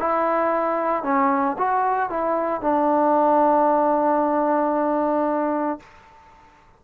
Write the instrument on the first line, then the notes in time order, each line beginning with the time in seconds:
trombone
0.00 E4
1.04 C#4
1.59 F#4
2.10 E4
2.61 D4